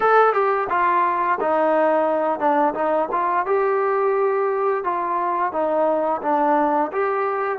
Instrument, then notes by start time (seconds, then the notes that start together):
trombone
0.00 A4
0.33 G4
0.69 F4
1.40 D#4
2.39 D4
2.74 D#4
3.11 F4
3.45 G4
4.84 F4
5.52 D#4
6.22 D4
6.92 G4